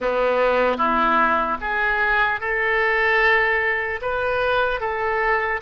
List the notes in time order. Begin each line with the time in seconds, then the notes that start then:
0.00 B3
0.77 E4
1.60 G#4
2.40 A4
4.01 B4
4.80 A4